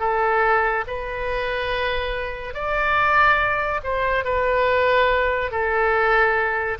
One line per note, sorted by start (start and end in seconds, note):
0.00 0.85 A4
0.87 2.54 B4
2.54 3.81 D5
3.84 4.24 C5
4.24 5.51 B4
5.51 6.78 A4